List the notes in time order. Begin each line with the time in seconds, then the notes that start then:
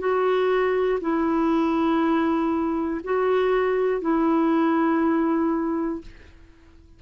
0.00 F#4
1.01 E4
3.05 F#4
4.01 E4